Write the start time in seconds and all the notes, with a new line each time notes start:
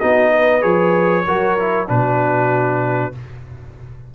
0.00 B3 D#4 F#4 D#5
0.33 B4
0.61 F3 G#4 C#5
1.26 F#3 F#4 A#4
1.59 E4
1.87 B2 D4 F#4 B4